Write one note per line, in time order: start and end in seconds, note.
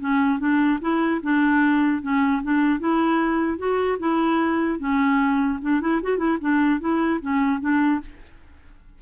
0.00 0.39 C#4
0.39 0.79 D4
0.81 1.21 E4
1.23 2.02 D4
2.02 2.42 C#4
2.43 2.79 D4
2.79 3.58 E4
3.58 3.98 F#4
3.99 4.79 E4
4.79 5.59 C#4
5.62 5.81 D4
5.81 6.01 E4
6.02 6.17 F#4
6.17 6.37 E4
6.41 6.80 D4
6.80 7.20 E4
7.21 7.60 C#4
7.60 8.00 D4